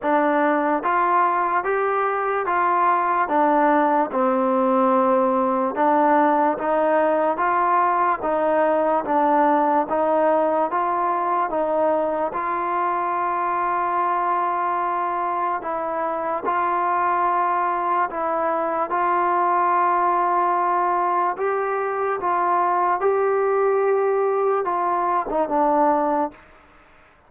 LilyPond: \new Staff \with { instrumentName = "trombone" } { \time 4/4 \tempo 4 = 73 d'4 f'4 g'4 f'4 | d'4 c'2 d'4 | dis'4 f'4 dis'4 d'4 | dis'4 f'4 dis'4 f'4~ |
f'2. e'4 | f'2 e'4 f'4~ | f'2 g'4 f'4 | g'2 f'8. dis'16 d'4 | }